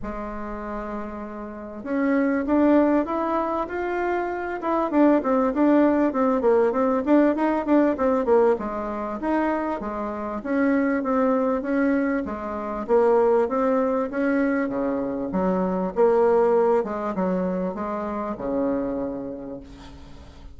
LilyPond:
\new Staff \with { instrumentName = "bassoon" } { \time 4/4 \tempo 4 = 98 gis2. cis'4 | d'4 e'4 f'4. e'8 | d'8 c'8 d'4 c'8 ais8 c'8 d'8 | dis'8 d'8 c'8 ais8 gis4 dis'4 |
gis4 cis'4 c'4 cis'4 | gis4 ais4 c'4 cis'4 | cis4 fis4 ais4. gis8 | fis4 gis4 cis2 | }